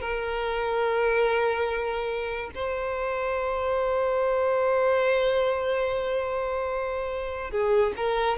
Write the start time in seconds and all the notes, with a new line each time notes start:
0.00 A#4
2.55 C5
7.50 G#4
7.96 A#4